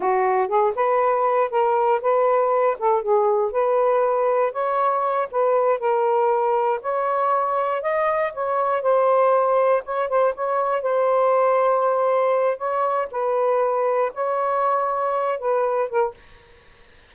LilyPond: \new Staff \with { instrumentName = "saxophone" } { \time 4/4 \tempo 4 = 119 fis'4 gis'8 b'4. ais'4 | b'4. a'8 gis'4 b'4~ | b'4 cis''4. b'4 ais'8~ | ais'4. cis''2 dis''8~ |
dis''8 cis''4 c''2 cis''8 | c''8 cis''4 c''2~ c''8~ | c''4 cis''4 b'2 | cis''2~ cis''8 b'4 ais'8 | }